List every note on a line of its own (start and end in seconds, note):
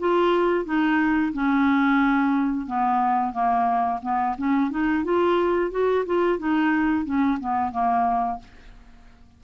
0.00 0.66 F4
0.66 1.33 D#4
1.33 2.67 C#4
2.67 3.33 B3
3.33 4.01 A#3
4.03 4.36 B3
4.38 4.71 C#4
4.71 5.05 D#4
5.05 5.72 F4
5.72 6.05 F#4
6.06 6.39 F4
6.39 7.05 D#4
7.05 7.39 C#4
7.40 7.72 B3
7.72 8.40 A#3